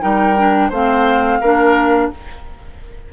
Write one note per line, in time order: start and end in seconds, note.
0.00 0.70 G3
0.00 0.34 D#4
0.00 0.69 A#4
0.00 0.70 G5
0.37 0.72 D4
0.69 1.39 A3
0.69 1.42 C4
0.69 1.38 C5
0.69 2.11 F5
1.41 2.10 A#3
1.41 2.12 D4
1.41 2.09 A#4